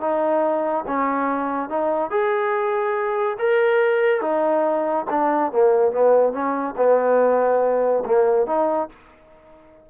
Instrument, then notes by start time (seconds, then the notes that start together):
trombone
0.00 D#4
0.87 C#4
1.69 D#4
2.10 G#4
3.39 A#4
4.21 D#4
5.10 D4
5.52 A#3
5.91 B3
6.32 C#4
6.76 B3
8.06 A#3
8.46 D#4